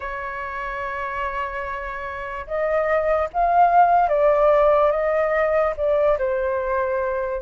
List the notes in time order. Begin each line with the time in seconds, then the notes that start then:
0.00 C#5
2.47 D#5
3.33 F5
4.09 D5
4.91 D#5
5.76 D5
6.18 C5